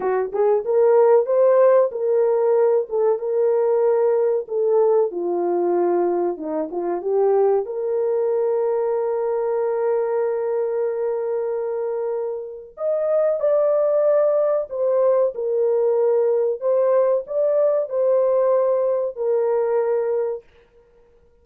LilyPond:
\new Staff \with { instrumentName = "horn" } { \time 4/4 \tempo 4 = 94 fis'8 gis'8 ais'4 c''4 ais'4~ | ais'8 a'8 ais'2 a'4 | f'2 dis'8 f'8 g'4 | ais'1~ |
ais'1 | dis''4 d''2 c''4 | ais'2 c''4 d''4 | c''2 ais'2 | }